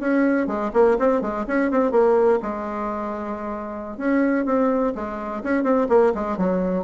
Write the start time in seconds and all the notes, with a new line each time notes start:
0.00 C#4
0.47 G#3
0.74 A#3
0.99 C4
1.21 G#3
1.47 C#4
1.71 C4
1.92 A#3
2.42 G#3
3.97 C#4
4.45 C4
4.95 G#3
5.44 C#4
5.63 C4
5.89 A#3
6.15 G#3
6.38 F#3